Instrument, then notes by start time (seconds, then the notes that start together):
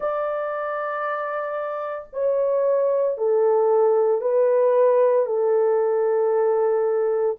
horn
0.00 D5
2.12 C#5
3.17 A4
4.21 B4
5.25 A4